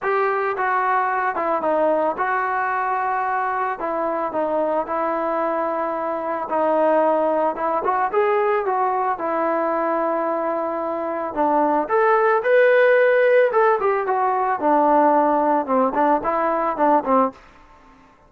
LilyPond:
\new Staff \with { instrumentName = "trombone" } { \time 4/4 \tempo 4 = 111 g'4 fis'4. e'8 dis'4 | fis'2. e'4 | dis'4 e'2. | dis'2 e'8 fis'8 gis'4 |
fis'4 e'2.~ | e'4 d'4 a'4 b'4~ | b'4 a'8 g'8 fis'4 d'4~ | d'4 c'8 d'8 e'4 d'8 c'8 | }